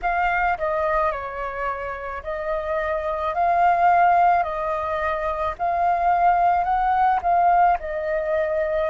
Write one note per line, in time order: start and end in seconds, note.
0.02 0.57 F5
0.58 1.11 D#5
1.11 2.22 C#5
2.23 3.34 D#5
3.34 4.43 F5
4.43 5.54 D#5
5.58 6.64 F5
6.64 7.19 F#5
7.22 7.77 F5
7.79 8.90 D#5